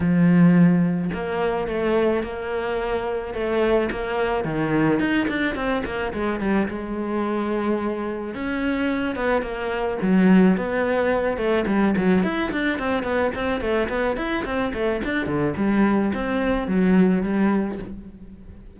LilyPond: \new Staff \with { instrumentName = "cello" } { \time 4/4 \tempo 4 = 108 f2 ais4 a4 | ais2 a4 ais4 | dis4 dis'8 d'8 c'8 ais8 gis8 g8 | gis2. cis'4~ |
cis'8 b8 ais4 fis4 b4~ | b8 a8 g8 fis8 e'8 d'8 c'8 b8 | c'8 a8 b8 e'8 c'8 a8 d'8 d8 | g4 c'4 fis4 g4 | }